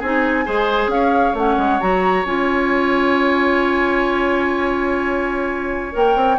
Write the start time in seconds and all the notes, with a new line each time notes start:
0.00 C4 D#4 G#4 G#5
0.46 G#3 G#4 C5
0.87 C#4 F5
0.94 C#5
1.34 A3 C#4 F#5
1.58 G#3
1.81 F#3 F#4 A#5
2.25 C#4 F4 G#5
5.92 A#3 A#4 G5
6.15 C4